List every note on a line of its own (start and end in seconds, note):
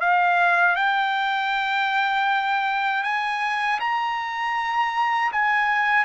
0.00 0.76 F5
0.76 3.03 G5
3.03 3.79 G#5
3.79 5.31 A#5
5.32 6.04 G#5